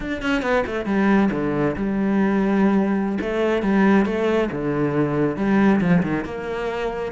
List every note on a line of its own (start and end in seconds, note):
0.00 0.22 D4
0.22 0.42 C#4
0.42 0.64 B3
0.66 0.85 A3
0.85 1.29 G3
1.31 1.75 D3
1.76 3.18 G3
3.20 3.62 A3
3.62 4.05 G3
4.05 4.49 A3
4.51 5.36 D3
5.36 5.80 G3
5.80 6.02 F3
6.02 6.24 D#3
6.24 7.12 A#3